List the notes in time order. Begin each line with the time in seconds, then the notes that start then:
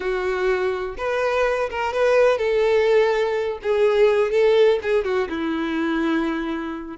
0.00 F#4
0.97 B4
1.69 A#4
1.93 B4
2.38 A4
3.62 G#4
4.31 A4
4.82 G#4
5.04 F#4
5.29 E4